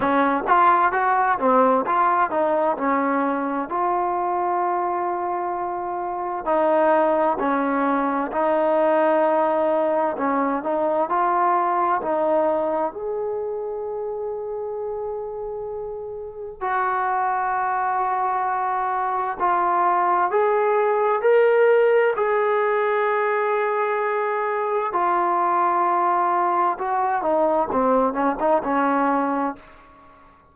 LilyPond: \new Staff \with { instrumentName = "trombone" } { \time 4/4 \tempo 4 = 65 cis'8 f'8 fis'8 c'8 f'8 dis'8 cis'4 | f'2. dis'4 | cis'4 dis'2 cis'8 dis'8 | f'4 dis'4 gis'2~ |
gis'2 fis'2~ | fis'4 f'4 gis'4 ais'4 | gis'2. f'4~ | f'4 fis'8 dis'8 c'8 cis'16 dis'16 cis'4 | }